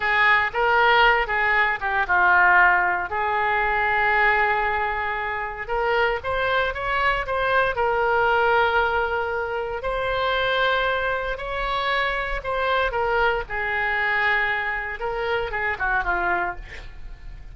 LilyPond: \new Staff \with { instrumentName = "oboe" } { \time 4/4 \tempo 4 = 116 gis'4 ais'4. gis'4 g'8 | f'2 gis'2~ | gis'2. ais'4 | c''4 cis''4 c''4 ais'4~ |
ais'2. c''4~ | c''2 cis''2 | c''4 ais'4 gis'2~ | gis'4 ais'4 gis'8 fis'8 f'4 | }